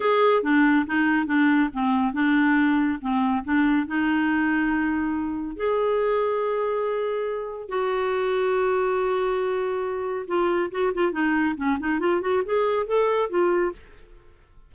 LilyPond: \new Staff \with { instrumentName = "clarinet" } { \time 4/4 \tempo 4 = 140 gis'4 d'4 dis'4 d'4 | c'4 d'2 c'4 | d'4 dis'2.~ | dis'4 gis'2.~ |
gis'2 fis'2~ | fis'1 | f'4 fis'8 f'8 dis'4 cis'8 dis'8 | f'8 fis'8 gis'4 a'4 f'4 | }